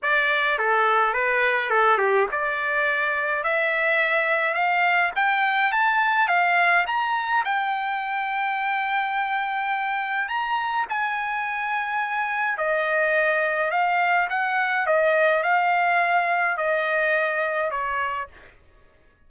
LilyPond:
\new Staff \with { instrumentName = "trumpet" } { \time 4/4 \tempo 4 = 105 d''4 a'4 b'4 a'8 g'8 | d''2 e''2 | f''4 g''4 a''4 f''4 | ais''4 g''2.~ |
g''2 ais''4 gis''4~ | gis''2 dis''2 | f''4 fis''4 dis''4 f''4~ | f''4 dis''2 cis''4 | }